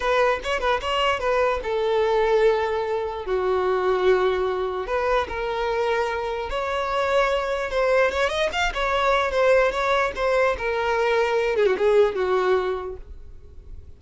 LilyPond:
\new Staff \with { instrumentName = "violin" } { \time 4/4 \tempo 4 = 148 b'4 cis''8 b'8 cis''4 b'4 | a'1 | fis'1 | b'4 ais'2. |
cis''2. c''4 | cis''8 dis''8 f''8 cis''4. c''4 | cis''4 c''4 ais'2~ | ais'8 gis'16 fis'16 gis'4 fis'2 | }